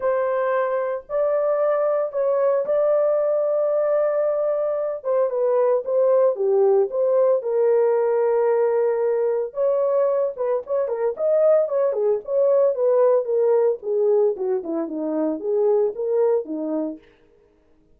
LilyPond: \new Staff \with { instrumentName = "horn" } { \time 4/4 \tempo 4 = 113 c''2 d''2 | cis''4 d''2.~ | d''4. c''8 b'4 c''4 | g'4 c''4 ais'2~ |
ais'2 cis''4. b'8 | cis''8 ais'8 dis''4 cis''8 gis'8 cis''4 | b'4 ais'4 gis'4 fis'8 e'8 | dis'4 gis'4 ais'4 dis'4 | }